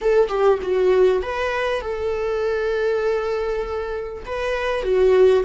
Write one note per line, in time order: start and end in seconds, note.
0.01 0.28 A4
0.28 0.58 G4
0.62 1.22 F#4
1.22 1.81 B4
1.81 4.23 A4
4.25 4.83 B4
4.83 5.43 F#4